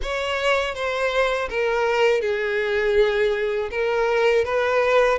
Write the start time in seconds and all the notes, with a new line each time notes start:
0.02 C#5
0.74 C5
1.49 A#4
2.21 G#4
3.70 A#4
4.44 B4